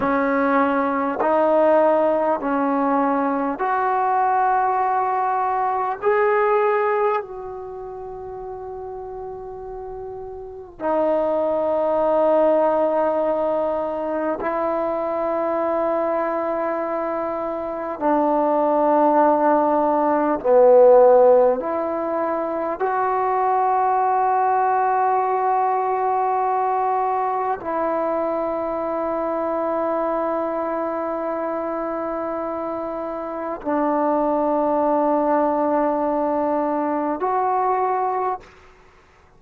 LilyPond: \new Staff \with { instrumentName = "trombone" } { \time 4/4 \tempo 4 = 50 cis'4 dis'4 cis'4 fis'4~ | fis'4 gis'4 fis'2~ | fis'4 dis'2. | e'2. d'4~ |
d'4 b4 e'4 fis'4~ | fis'2. e'4~ | e'1 | d'2. fis'4 | }